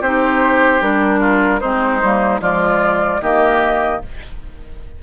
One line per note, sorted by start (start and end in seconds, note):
0.00 0.80 C4
0.00 0.81 D#4
0.00 1.20 G4
0.00 0.82 C5
0.81 1.61 G3
0.81 1.61 D4
0.81 1.60 A#4
1.20 1.60 F4
1.60 2.02 G#3
1.60 2.01 C4
1.60 2.40 D#4
1.60 2.40 C5
2.02 2.40 G3
2.02 2.39 A#3
2.39 3.20 F3
2.39 3.19 G#3
2.39 3.21 F4
2.39 3.21 D5
3.21 4.00 D#3
3.21 4.02 A#3
3.21 4.01 G4
3.21 4.02 D#5